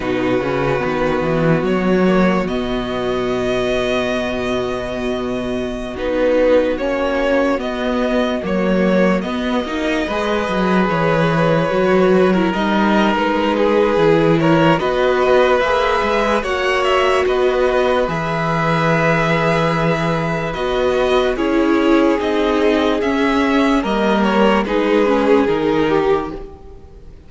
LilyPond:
<<
  \new Staff \with { instrumentName = "violin" } { \time 4/4 \tempo 4 = 73 b'2 cis''4 dis''4~ | dis''2.~ dis''16 b'8.~ | b'16 cis''4 dis''4 cis''4 dis''8.~ | dis''4~ dis''16 cis''2 dis''8. |
b'4. cis''8 dis''4 e''4 | fis''8 e''8 dis''4 e''2~ | e''4 dis''4 cis''4 dis''4 | e''4 dis''8 cis''8 b'4 ais'4 | }
  \new Staff \with { instrumentName = "violin" } { \time 4/4 fis'1~ | fis'1~ | fis'1~ | fis'16 b'2~ b'8. ais'4~ |
ais'8 gis'4 ais'8 b'2 | cis''4 b'2.~ | b'2 gis'2~ | gis'4 ais'4 gis'4. g'8 | }
  \new Staff \with { instrumentName = "viola" } { \time 4/4 dis'8 cis'8 b4. ais8 b4~ | b2.~ b16 dis'8.~ | dis'16 cis'4 b4 ais4 b8 dis'16~ | dis'16 gis'2 fis'8. e'16 dis'8.~ |
dis'4 e'4 fis'4 gis'4 | fis'2 gis'2~ | gis'4 fis'4 e'4 dis'4 | cis'4 ais4 dis'8 cis'8 dis'4 | }
  \new Staff \with { instrumentName = "cello" } { \time 4/4 b,8 cis8 dis8 e8 fis4 b,4~ | b,2.~ b,16 b8.~ | b16 ais4 b4 fis4 b8 ais16~ | ais16 gis8 fis8 e4 fis4 g8. |
gis4 e4 b4 ais8 gis8 | ais4 b4 e2~ | e4 b4 cis'4 c'4 | cis'4 g4 gis4 dis4 | }
>>